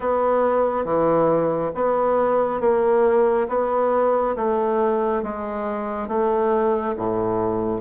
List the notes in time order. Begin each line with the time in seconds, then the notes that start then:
0.00 B3
0.85 E3
1.74 B3
2.60 A#3
3.48 B3
4.36 A3
5.23 G#3
6.08 A3
6.96 A2